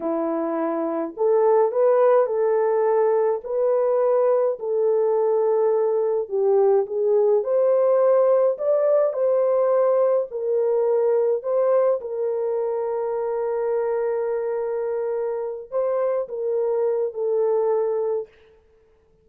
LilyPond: \new Staff \with { instrumentName = "horn" } { \time 4/4 \tempo 4 = 105 e'2 a'4 b'4 | a'2 b'2 | a'2. g'4 | gis'4 c''2 d''4 |
c''2 ais'2 | c''4 ais'2.~ | ais'2.~ ais'8 c''8~ | c''8 ais'4. a'2 | }